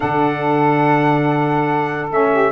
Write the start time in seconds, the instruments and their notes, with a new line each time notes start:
0.00 tuba D3, saxophone D4 A4, trumpet F#5
2.10 tuba A3, saxophone C#4, trumpet E5
2.31 saxophone G4